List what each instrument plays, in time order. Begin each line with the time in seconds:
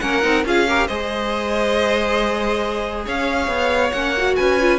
0.00 cello A#3, viola C#4, violin A#4 F#5
0.23 cello C4, viola D#4
0.45 cello C#4, viola F4, violin G#4 F5
0.67 viola G4, violin A#4
0.87 cello G#3, viola G#4, violin C5 D#5
3.06 cello C#4, violin C#5 F5
3.48 cello B3
3.92 cello A#3, viola C#4, violin F#5
4.17 viola F#4
4.36 cello C#4, violin B4 G#5
4.61 viola F4